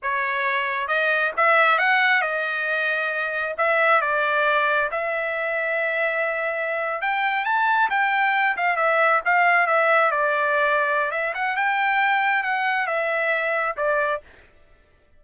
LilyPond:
\new Staff \with { instrumentName = "trumpet" } { \time 4/4 \tempo 4 = 135 cis''2 dis''4 e''4 | fis''4 dis''2. | e''4 d''2 e''4~ | e''2.~ e''8. g''16~ |
g''8. a''4 g''4. f''8 e''16~ | e''8. f''4 e''4 d''4~ d''16~ | d''4 e''8 fis''8 g''2 | fis''4 e''2 d''4 | }